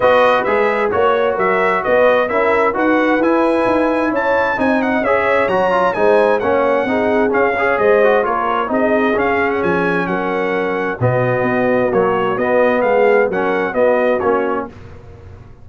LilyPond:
<<
  \new Staff \with { instrumentName = "trumpet" } { \time 4/4 \tempo 4 = 131 dis''4 e''4 cis''4 e''4 | dis''4 e''4 fis''4 gis''4~ | gis''4 a''4 gis''8 fis''8 e''4 | ais''4 gis''4 fis''2 |
f''4 dis''4 cis''4 dis''4 | f''8. fis''16 gis''4 fis''2 | dis''2 cis''4 dis''4 | f''4 fis''4 dis''4 cis''4 | }
  \new Staff \with { instrumentName = "horn" } { \time 4/4 b'2 cis''4 ais'4 | b'4 ais'4 b'2~ | b'4 cis''4 dis''4 cis''4~ | cis''4 c''4 cis''4 gis'4~ |
gis'8 cis''8 c''4 ais'4 gis'4~ | gis'2 ais'2 | fis'1 | gis'4 ais'4 fis'2 | }
  \new Staff \with { instrumentName = "trombone" } { \time 4/4 fis'4 gis'4 fis'2~ | fis'4 e'4 fis'4 e'4~ | e'2 dis'4 gis'4 | fis'8 f'8 dis'4 cis'4 dis'4 |
cis'8 gis'4 fis'8 f'4 dis'4 | cis'1 | b2 fis4 b4~ | b4 cis'4 b4 cis'4 | }
  \new Staff \with { instrumentName = "tuba" } { \time 4/4 b4 gis4 ais4 fis4 | b4 cis'4 dis'4 e'4 | dis'4 cis'4 c'4 cis'4 | fis4 gis4 ais4 c'4 |
cis'4 gis4 ais4 c'4 | cis'4 f4 fis2 | b,4 b4 ais4 b4 | gis4 fis4 b4 ais4 | }
>>